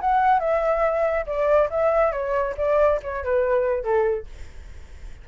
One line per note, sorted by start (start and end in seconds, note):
0.00 0.39 F#5
0.39 1.25 E5
1.26 1.69 D5
1.70 2.12 E5
2.12 2.54 C#5
2.57 3.00 D5
3.02 3.23 C#5
3.23 3.83 B4
3.83 4.26 A4